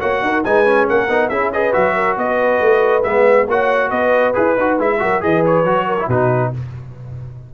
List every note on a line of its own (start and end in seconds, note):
0.00 0.22 A#3
0.00 0.44 F#4
0.00 0.22 C#5
0.00 0.44 F#5
0.22 0.43 D#4
0.22 0.45 A#4
0.44 0.90 G#3
0.44 0.65 D#4
0.44 0.88 B4
0.44 0.88 G#5
0.65 1.08 C#4
0.88 1.09 A#3
0.88 1.30 A#4
0.88 1.29 F#5
1.09 1.30 B3
1.09 1.31 D#4
1.29 1.74 C#4
1.29 1.53 E4
1.29 1.52 G#4
1.29 1.51 E5
1.52 1.72 G#4
1.52 1.95 B4
1.52 1.73 D#5
1.72 2.16 F#3
1.72 3.02 F#4
1.72 2.16 E5
1.95 2.17 A#4
2.16 2.60 B3
2.16 3.48 B4
2.16 3.03 D#5
2.61 3.04 A3
3.03 3.47 G#3
3.03 3.47 B3
3.03 3.46 E5
3.47 3.91 A#3
3.47 4.34 F#4
3.47 3.89 C#5
3.47 3.90 F#5
3.89 4.34 B3
3.89 4.97 B4
3.89 4.34 D#5
4.34 4.57 E4
4.34 4.55 G#4
4.34 4.77 B4
4.57 4.79 D#4
4.57 4.79 F#4
4.79 5.00 G#3
4.79 4.99 E4
4.79 5.23 E5
4.99 5.22 F#3
4.99 5.21 F#4
4.99 5.23 A#4
5.21 5.64 E3
5.21 5.64 G#4
5.21 5.86 B4
5.21 5.44 D#5
5.46 6.09 C#5
5.64 6.07 F#3
5.64 5.98 F#4
5.86 6.06 A#4
5.99 6.10 E4
6.06 6.51 B2
6.06 6.54 D#4
6.06 6.50 F#4
6.06 6.53 B4